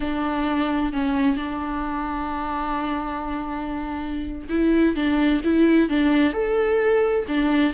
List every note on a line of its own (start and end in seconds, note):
0.00 0.92 D4
0.92 1.36 C#4
1.36 4.47 D4
4.49 4.95 E4
4.95 5.41 D4
5.43 5.89 E4
5.89 6.33 D4
6.33 7.25 A4
7.28 7.73 D4